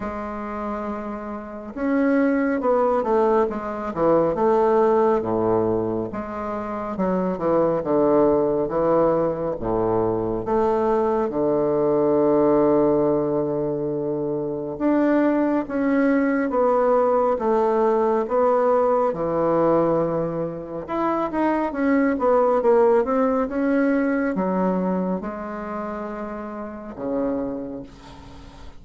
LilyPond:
\new Staff \with { instrumentName = "bassoon" } { \time 4/4 \tempo 4 = 69 gis2 cis'4 b8 a8 | gis8 e8 a4 a,4 gis4 | fis8 e8 d4 e4 a,4 | a4 d2.~ |
d4 d'4 cis'4 b4 | a4 b4 e2 | e'8 dis'8 cis'8 b8 ais8 c'8 cis'4 | fis4 gis2 cis4 | }